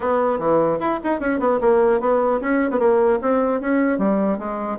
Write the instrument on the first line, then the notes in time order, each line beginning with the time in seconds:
bassoon
0.00 B3
0.38 E3
0.79 E4
1.03 D#4
1.20 C#4
1.39 B3
1.60 A#3
2.00 B3
2.40 C#4
2.70 B3
2.79 A#3
3.21 C4
3.60 C#4
3.98 G3
4.38 G#3